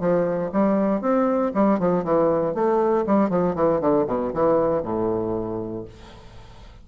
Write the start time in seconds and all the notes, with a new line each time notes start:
0.00 F3
0.52 G3
1.01 C4
1.54 G3
1.79 F3
2.04 E3
2.54 A3
3.06 G3
3.30 F3
3.55 E3
3.81 D3
4.07 B2
4.33 E3
4.83 A2